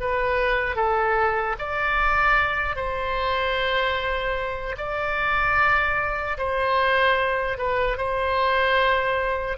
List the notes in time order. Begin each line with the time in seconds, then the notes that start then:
0.00 B4
0.76 A4
1.58 D5
2.76 C5
4.77 D5
6.37 C5
7.57 B4
7.97 C5